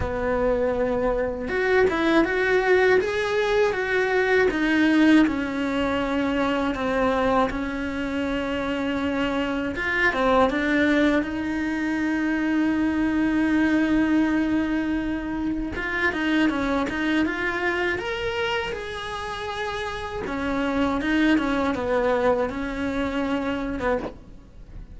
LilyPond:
\new Staff \with { instrumentName = "cello" } { \time 4/4 \tempo 4 = 80 b2 fis'8 e'8 fis'4 | gis'4 fis'4 dis'4 cis'4~ | cis'4 c'4 cis'2~ | cis'4 f'8 c'8 d'4 dis'4~ |
dis'1~ | dis'4 f'8 dis'8 cis'8 dis'8 f'4 | ais'4 gis'2 cis'4 | dis'8 cis'8 b4 cis'4.~ cis'16 b16 | }